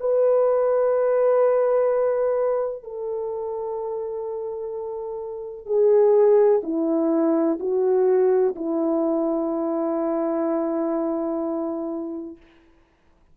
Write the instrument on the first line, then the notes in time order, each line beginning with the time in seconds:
horn
0.00 B4
2.83 A4
5.66 G#4
6.63 E4
7.60 F#4
8.55 E4